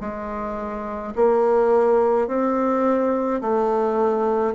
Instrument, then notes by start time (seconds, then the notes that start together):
bassoon
0.00 G#3
1.15 A#3
2.27 C4
3.41 A3